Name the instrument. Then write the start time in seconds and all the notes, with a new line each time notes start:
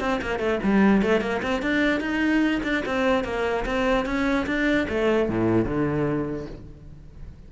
cello
0.00 C4
0.21 A#3
0.39 A3
0.63 G3
1.02 A3
1.21 A#3
1.42 C4
1.62 D4
2.00 D#4
2.64 D4
2.86 C4
3.24 A#3
3.65 C4
4.06 C#4
4.46 D4
4.89 A3
5.29 A2
5.65 D3